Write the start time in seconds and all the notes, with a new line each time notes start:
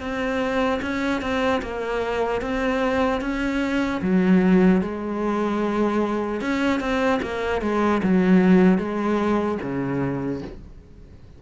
0.00 C4
0.81 C#4
1.21 C4
1.62 A#3
2.41 C4
3.21 C#4
4.01 F#3
4.81 G#3
6.41 C#4
6.80 C4
7.22 A#3
7.61 G#3
8.03 F#3
8.78 G#3
9.61 C#3